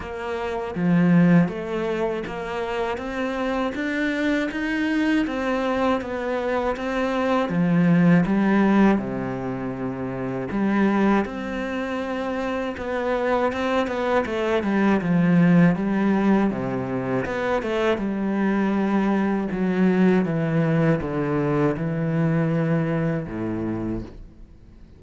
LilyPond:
\new Staff \with { instrumentName = "cello" } { \time 4/4 \tempo 4 = 80 ais4 f4 a4 ais4 | c'4 d'4 dis'4 c'4 | b4 c'4 f4 g4 | c2 g4 c'4~ |
c'4 b4 c'8 b8 a8 g8 | f4 g4 c4 b8 a8 | g2 fis4 e4 | d4 e2 a,4 | }